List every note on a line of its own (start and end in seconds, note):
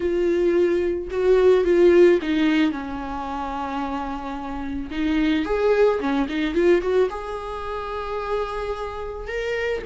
0.00 1.08 F4
1.10 1.64 F#4
1.64 2.19 F4
2.21 2.71 D#4
2.71 4.89 C#4
4.90 5.45 D#4
5.45 5.99 G#4
6.00 6.27 C#4
6.29 6.54 D#4
6.54 6.81 F4
6.81 7.09 F#4
7.10 9.27 G#4
9.27 9.82 A#4